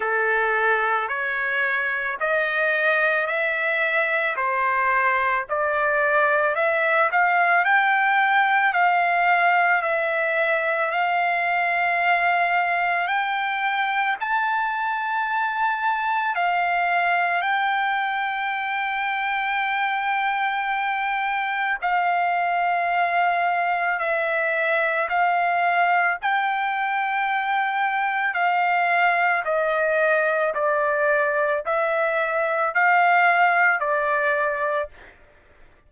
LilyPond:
\new Staff \with { instrumentName = "trumpet" } { \time 4/4 \tempo 4 = 55 a'4 cis''4 dis''4 e''4 | c''4 d''4 e''8 f''8 g''4 | f''4 e''4 f''2 | g''4 a''2 f''4 |
g''1 | f''2 e''4 f''4 | g''2 f''4 dis''4 | d''4 e''4 f''4 d''4 | }